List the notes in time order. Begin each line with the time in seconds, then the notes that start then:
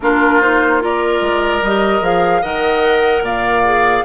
0.00 A#3 D4 F4 A#4
0.41 D#4 C5
0.80 F4 A#4 D5
1.21 G#3
1.62 G3 G4 D#5
2.01 F3 G#4 F5
2.41 D#3 A#4 D#5 F#5
3.21 A#2 D5 F5
3.64 G#4